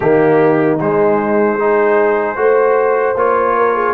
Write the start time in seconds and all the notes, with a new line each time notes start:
0.00 D#3 A#3 D#4 G4
0.80 G#3 C5
1.59 D#4 G#4
2.35 A3 F#4 C5
3.14 A#3 F4 C#5
3.56 A#4
3.74 G#4